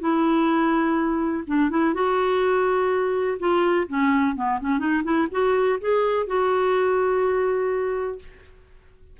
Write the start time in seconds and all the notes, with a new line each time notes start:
0.00 E4
1.47 D4
1.70 E4
1.94 F#4
3.39 F4
3.88 C#4
4.36 B3
4.61 C#4
4.79 D#4
5.04 E4
5.31 F#4
5.81 G#4
6.27 F#4